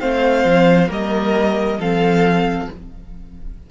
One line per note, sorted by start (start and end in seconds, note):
0.00 0.45 A3
0.00 0.88 C4
0.00 0.88 C5
0.00 0.90 F5
0.45 0.89 F3
0.88 1.78 G3
0.88 1.77 A#3
0.88 1.78 A#4
0.88 1.80 D#5
1.78 2.68 F3
1.78 2.71 C4
1.78 2.69 A4
1.78 2.70 F5